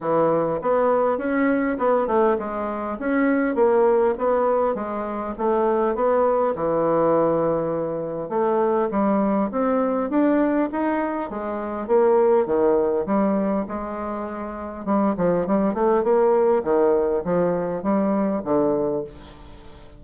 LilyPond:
\new Staff \with { instrumentName = "bassoon" } { \time 4/4 \tempo 4 = 101 e4 b4 cis'4 b8 a8 | gis4 cis'4 ais4 b4 | gis4 a4 b4 e4~ | e2 a4 g4 |
c'4 d'4 dis'4 gis4 | ais4 dis4 g4 gis4~ | gis4 g8 f8 g8 a8 ais4 | dis4 f4 g4 d4 | }